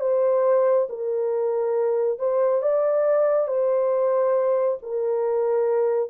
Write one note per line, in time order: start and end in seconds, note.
0.00 0.87 C5
0.89 2.19 A#4
2.19 2.62 C5
2.62 3.47 D5
3.47 4.77 C5
4.82 6.09 A#4